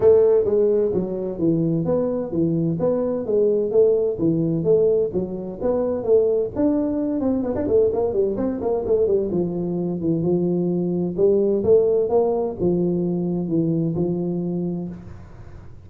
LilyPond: \new Staff \with { instrumentName = "tuba" } { \time 4/4 \tempo 4 = 129 a4 gis4 fis4 e4 | b4 e4 b4 gis4 | a4 e4 a4 fis4 | b4 a4 d'4. c'8 |
b16 d'16 a8 ais8 g8 c'8 ais8 a8 g8 | f4. e8 f2 | g4 a4 ais4 f4~ | f4 e4 f2 | }